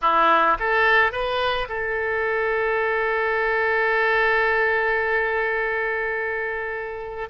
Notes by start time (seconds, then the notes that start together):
0.01 E4
0.59 A4
1.12 B4
1.68 A4